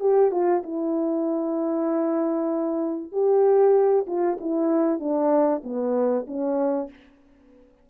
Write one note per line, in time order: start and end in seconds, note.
0.00 0.31 G4
0.32 0.63 F4
0.63 3.12 E4
3.12 4.06 G4
4.07 4.38 F4
4.41 5.00 E4
5.00 5.62 D4
5.64 6.26 B3
6.27 6.90 C#4